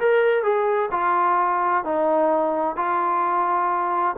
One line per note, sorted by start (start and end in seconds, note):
0.00 0.44 A#4
0.44 0.90 G#4
0.92 1.85 F4
1.85 2.77 D#4
2.77 4.16 F4